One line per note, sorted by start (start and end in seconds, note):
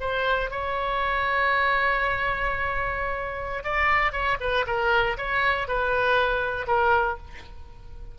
0.00 0.50 C5
0.50 3.64 C#5
3.64 4.12 D5
4.12 4.37 C#5
4.40 4.65 B4
4.66 5.17 A#4
5.17 5.68 C#5
5.68 6.67 B4
6.67 7.17 A#4